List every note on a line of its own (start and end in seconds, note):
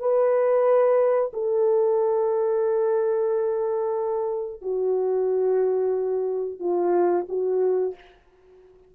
0.00 1.32 B4
1.34 4.62 A4
4.62 6.60 F#4
6.60 7.26 F4
7.29 7.95 F#4